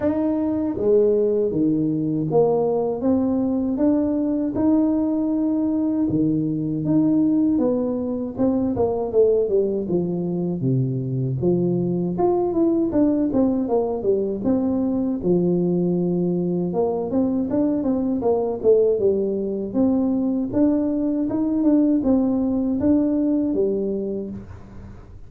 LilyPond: \new Staff \with { instrumentName = "tuba" } { \time 4/4 \tempo 4 = 79 dis'4 gis4 dis4 ais4 | c'4 d'4 dis'2 | dis4 dis'4 b4 c'8 ais8 | a8 g8 f4 c4 f4 |
f'8 e'8 d'8 c'8 ais8 g8 c'4 | f2 ais8 c'8 d'8 c'8 | ais8 a8 g4 c'4 d'4 | dis'8 d'8 c'4 d'4 g4 | }